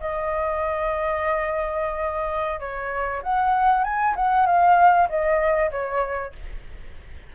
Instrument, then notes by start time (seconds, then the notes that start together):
flute
0.00 D#5
2.60 C#5
3.22 F#5
3.84 G#5
4.16 F#5
4.46 F5
5.09 D#5
5.71 C#5